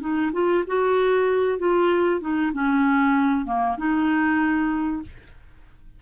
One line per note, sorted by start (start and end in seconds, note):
0.00 0.31 D#4
0.32 0.64 F4
0.67 1.58 F#4
1.58 2.20 F4
2.20 2.52 D#4
2.53 3.45 C#4
3.45 3.76 A#3
3.77 5.02 D#4